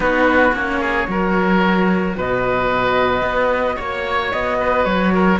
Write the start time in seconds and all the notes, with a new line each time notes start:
0.00 B3 D#4 F#4 B4
0.52 A#3 C#4 C#5
0.80 G#4
1.07 F#3 F#4 A#4
2.17 B2 B4 D#5
3.22 B3
3.76 A#3 C#5
4.32 B3 D#5
4.59 B4
4.84 F#3 C#5
5.14 A#4